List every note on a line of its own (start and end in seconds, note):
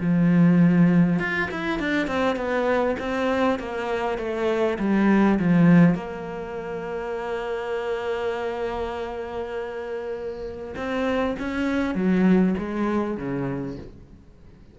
0.00 1.19 F3
1.19 1.49 F4
1.51 1.79 E4
1.79 2.07 D4
2.07 2.36 C4
2.36 2.96 B3
2.99 3.59 C4
3.59 4.18 A#3
4.18 4.78 A3
4.79 5.39 G3
5.39 5.95 F3
5.95 10.75 A#3
10.76 11.36 C4
11.39 11.95 C#4
11.95 12.55 F#3
12.58 13.17 G#3
13.17 13.77 C#3